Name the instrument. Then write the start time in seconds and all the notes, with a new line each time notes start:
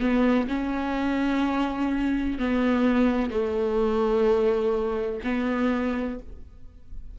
viola
0.00 B3
0.48 C#4
2.39 B3
3.30 A3
5.24 B3